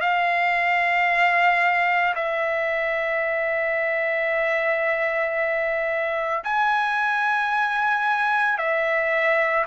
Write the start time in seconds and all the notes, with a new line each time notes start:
0.00 F5
2.15 E5
6.44 G#5
8.58 E5